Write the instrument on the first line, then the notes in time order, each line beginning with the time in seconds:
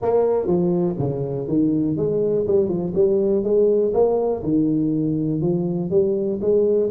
tuba
0.01 A#3
0.46 F3
0.98 C#3
1.48 D#3
1.96 G#3
2.47 G3
2.68 F3
2.94 G3
3.43 G#3
3.93 A#3
4.43 D#3
5.41 F3
5.90 G3
6.41 G#3